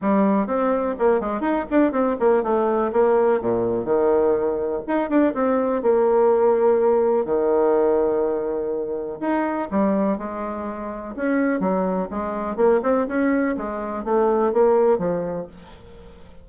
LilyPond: \new Staff \with { instrumentName = "bassoon" } { \time 4/4 \tempo 4 = 124 g4 c'4 ais8 gis8 dis'8 d'8 | c'8 ais8 a4 ais4 ais,4 | dis2 dis'8 d'8 c'4 | ais2. dis4~ |
dis2. dis'4 | g4 gis2 cis'4 | fis4 gis4 ais8 c'8 cis'4 | gis4 a4 ais4 f4 | }